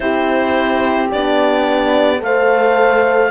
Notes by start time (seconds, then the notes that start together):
0.00 C4 E4 G4 C5
1.11 B3 D4 D5
2.19 A3 A4 C5 F5